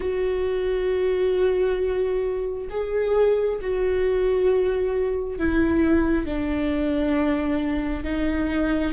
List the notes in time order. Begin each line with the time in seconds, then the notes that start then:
0.00 F#4
2.69 G#4
3.61 F#4
5.38 E4
6.25 D4
8.04 D#4